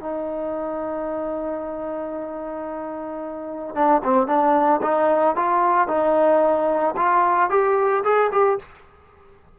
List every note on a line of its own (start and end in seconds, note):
0.00 3.75 D#4
3.75 4.02 D4
4.04 4.27 C4
4.27 4.80 D4
4.82 5.36 D#4
5.36 5.88 F4
5.88 6.95 D#4
6.96 7.50 F4
7.50 8.04 G4
8.04 8.31 G#4
8.32 8.58 G4